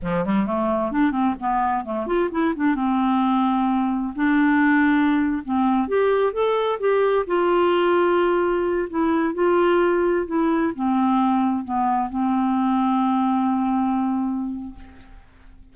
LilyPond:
\new Staff \with { instrumentName = "clarinet" } { \time 4/4 \tempo 4 = 130 f8 g8 a4 d'8 c'8 b4 | a8 f'8 e'8 d'8 c'2~ | c'4 d'2~ d'8. c'16~ | c'8. g'4 a'4 g'4 f'16~ |
f'2.~ f'16 e'8.~ | e'16 f'2 e'4 c'8.~ | c'4~ c'16 b4 c'4.~ c'16~ | c'1 | }